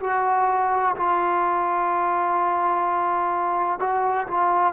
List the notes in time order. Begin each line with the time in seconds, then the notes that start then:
0.00 F#4
0.96 F4
3.80 F#4
4.27 F4